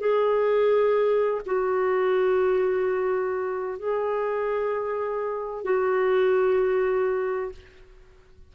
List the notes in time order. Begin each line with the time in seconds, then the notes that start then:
0.00 G#4
1.46 F#4
3.78 G#4
5.64 F#4